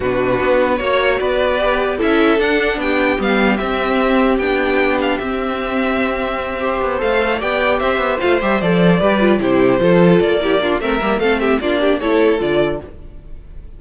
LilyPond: <<
  \new Staff \with { instrumentName = "violin" } { \time 4/4 \tempo 4 = 150 b'2 cis''4 d''4~ | d''4 e''4 fis''4 g''4 | f''4 e''2 g''4~ | g''8 f''8 e''2.~ |
e''4. f''4 g''4 e''8~ | e''8 f''8 e''8 d''2 c''8~ | c''4. d''4. e''4 | f''8 e''8 d''4 cis''4 d''4 | }
  \new Staff \with { instrumentName = "violin" } { \time 4/4 fis'2 cis''4 b'4~ | b'4 a'2 g'4~ | g'1~ | g'1~ |
g'8 c''2 d''4 c''8~ | c''2~ c''8 b'4 g'8~ | g'8 a'4. g'8 f'8 ais'4 | a'8 g'8 f'8 g'8 a'2 | }
  \new Staff \with { instrumentName = "viola" } { \time 4/4 d'2 fis'2 | g'4 e'4 d'2 | b4 c'2 d'4~ | d'4 c'2.~ |
c'8 g'4 a'4 g'4.~ | g'8 f'8 g'8 a'4 g'8 f'8 e'8~ | e'8 f'4. e'8 d'8 c'8 ais8 | c'4 d'4 e'4 f'4 | }
  \new Staff \with { instrumentName = "cello" } { \time 4/4 b,4 b4 ais4 b4~ | b4 cis'4 d'4 b4 | g4 c'2 b4~ | b4 c'2.~ |
c'4 b8 a4 b4 c'8 | b8 a8 g8 f4 g4 c8~ | c8 f4 ais4. a8 g8 | a4 ais4 a4 d4 | }
>>